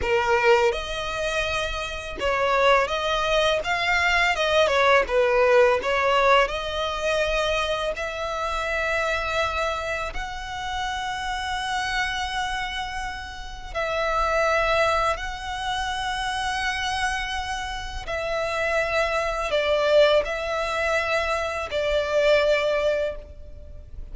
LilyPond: \new Staff \with { instrumentName = "violin" } { \time 4/4 \tempo 4 = 83 ais'4 dis''2 cis''4 | dis''4 f''4 dis''8 cis''8 b'4 | cis''4 dis''2 e''4~ | e''2 fis''2~ |
fis''2. e''4~ | e''4 fis''2.~ | fis''4 e''2 d''4 | e''2 d''2 | }